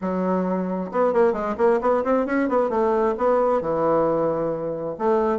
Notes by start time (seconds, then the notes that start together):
0.01 F#3
0.91 B3
1.13 A#3
1.32 G#3
1.57 A#3
1.81 B3
2.04 C4
2.26 C#4
2.48 B3
2.69 A3
3.17 B3
3.61 E3
4.98 A3